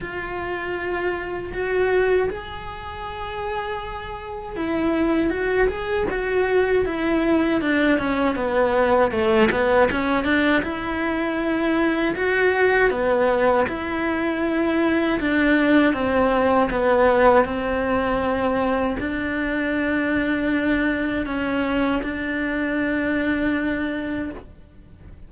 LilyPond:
\new Staff \with { instrumentName = "cello" } { \time 4/4 \tempo 4 = 79 f'2 fis'4 gis'4~ | gis'2 e'4 fis'8 gis'8 | fis'4 e'4 d'8 cis'8 b4 | a8 b8 cis'8 d'8 e'2 |
fis'4 b4 e'2 | d'4 c'4 b4 c'4~ | c'4 d'2. | cis'4 d'2. | }